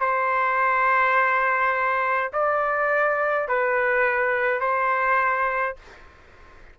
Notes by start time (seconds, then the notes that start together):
0.00 C5
2.33 D5
3.48 B4
4.60 C5